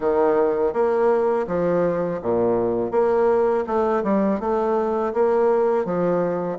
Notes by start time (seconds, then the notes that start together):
0.00 D#3
0.73 A#3
1.47 F3
2.22 A#2
2.91 A#3
3.66 A3
4.03 G3
4.40 A3
5.13 A#3
5.85 F3